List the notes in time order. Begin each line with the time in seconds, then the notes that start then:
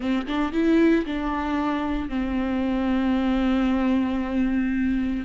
0.00 C4
0.26 D4
0.52 E4
1.05 D4
2.09 C4